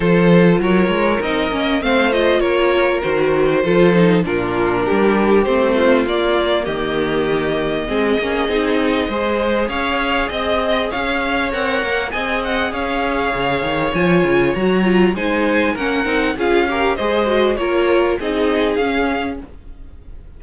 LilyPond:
<<
  \new Staff \with { instrumentName = "violin" } { \time 4/4 \tempo 4 = 99 c''4 cis''4 dis''4 f''8 dis''8 | cis''4 c''2 ais'4~ | ais'4 c''4 d''4 dis''4~ | dis''1 |
f''4 dis''4 f''4 fis''4 | gis''8 fis''8 f''2 gis''4 | ais''4 gis''4 fis''4 f''4 | dis''4 cis''4 dis''4 f''4 | }
  \new Staff \with { instrumentName = "violin" } { \time 4/4 a'4 ais'2 c''4 | ais'2 a'4 f'4 | g'4. f'4. g'4~ | g'4 gis'2 c''4 |
cis''4 dis''4 cis''2 | dis''4 cis''2.~ | cis''4 c''4 ais'4 gis'8 ais'8 | c''4 ais'4 gis'2 | }
  \new Staff \with { instrumentName = "viola" } { \time 4/4 f'2 dis'8 cis'8 c'8 f'8~ | f'4 fis'4 f'8 dis'8 d'4~ | d'4 c'4 ais2~ | ais4 c'8 cis'8 dis'4 gis'4~ |
gis'2. ais'4 | gis'2. f'4 | fis'8 f'8 dis'4 cis'8 dis'8 f'8 g'8 | gis'8 fis'8 f'4 dis'4 cis'4 | }
  \new Staff \with { instrumentName = "cello" } { \time 4/4 f4 fis8 gis8 c'8 ais8 a4 | ais4 dis4 f4 ais,4 | g4 a4 ais4 dis4~ | dis4 gis8 ais8 c'4 gis4 |
cis'4 c'4 cis'4 c'8 ais8 | c'4 cis'4 cis8 dis8 f8 cis8 | fis4 gis4 ais8 c'8 cis'4 | gis4 ais4 c'4 cis'4 | }
>>